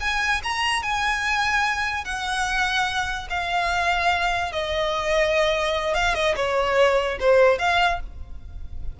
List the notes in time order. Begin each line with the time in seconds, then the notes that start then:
0.00 G#5
0.43 A#5
0.82 G#5
2.04 F#5
3.30 F5
4.52 D#5
5.94 F5
6.14 D#5
6.36 C#5
7.20 C5
7.58 F5